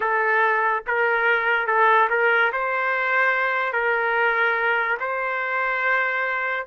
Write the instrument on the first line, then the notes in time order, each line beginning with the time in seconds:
trumpet
0.00 A4
0.86 A#4
1.67 A4
2.09 A#4
2.52 C5
3.73 A#4
5.00 C5